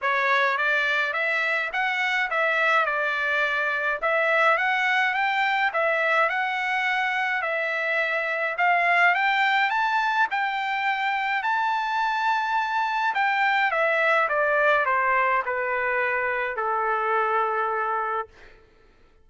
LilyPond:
\new Staff \with { instrumentName = "trumpet" } { \time 4/4 \tempo 4 = 105 cis''4 d''4 e''4 fis''4 | e''4 d''2 e''4 | fis''4 g''4 e''4 fis''4~ | fis''4 e''2 f''4 |
g''4 a''4 g''2 | a''2. g''4 | e''4 d''4 c''4 b'4~ | b'4 a'2. | }